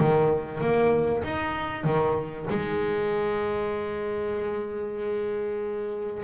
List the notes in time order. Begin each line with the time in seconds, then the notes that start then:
0.00 D#3
0.61 A#3
1.24 D#4
1.84 D#3
2.50 G#3